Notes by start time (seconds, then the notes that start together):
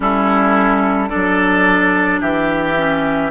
0.00 G3 C#4 E4 A4
1.09 D4 A4 D5
1.15 F#3
2.20 E3 G4 E5
2.77 C#4